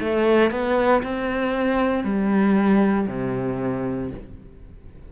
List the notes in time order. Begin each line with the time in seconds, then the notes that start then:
0.00 A3
0.50 B3
1.03 C4
2.04 G3
3.07 C3